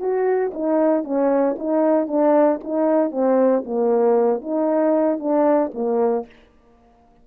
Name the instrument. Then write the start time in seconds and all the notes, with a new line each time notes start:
horn
0.00 F#4
0.54 D#4
1.04 C#4
1.59 D#4
2.08 D4
2.64 D#4
3.12 C4
3.66 A#3
4.42 D#4
5.19 D4
5.74 A#3